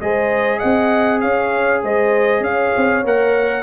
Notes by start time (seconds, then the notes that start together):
0.00 G#3 G#4 C5 D#5
0.58 C4 D#5 F#5
1.20 C#4 C#5 F5
1.82 G#3 C5 D#5
2.40 C#4 C#5 F5
2.76 C4
3.04 A#3 A#4 F#5